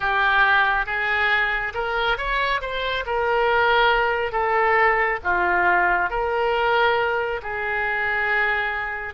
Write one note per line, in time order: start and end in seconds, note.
0.00 0.86 G4
0.86 1.73 G#4
1.74 2.17 A#4
2.17 2.60 C#5
2.61 3.04 C5
3.06 4.32 A#4
4.32 5.19 A4
5.23 6.10 F4
6.10 7.40 A#4
7.42 9.14 G#4